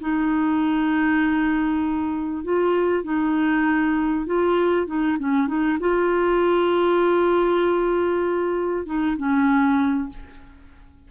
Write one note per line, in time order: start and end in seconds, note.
0.00 2.44 D#4
2.44 3.04 F4
3.04 4.26 D#4
4.26 4.86 F4
4.86 5.17 D#4
5.19 5.47 C#4
5.47 5.78 D#4
5.80 8.86 F4
8.86 9.16 D#4
9.17 10.09 C#4